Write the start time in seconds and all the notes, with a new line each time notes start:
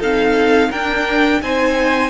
0.00 C4 D#4 A4 F5
0.70 D4 A#4 G5
1.42 C4 D#4 C5 G#5